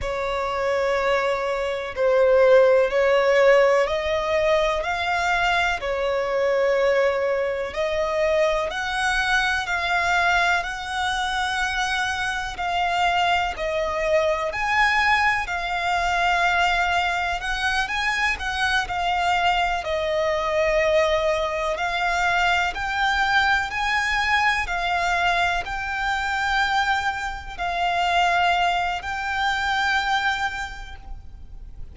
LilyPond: \new Staff \with { instrumentName = "violin" } { \time 4/4 \tempo 4 = 62 cis''2 c''4 cis''4 | dis''4 f''4 cis''2 | dis''4 fis''4 f''4 fis''4~ | fis''4 f''4 dis''4 gis''4 |
f''2 fis''8 gis''8 fis''8 f''8~ | f''8 dis''2 f''4 g''8~ | g''8 gis''4 f''4 g''4.~ | g''8 f''4. g''2 | }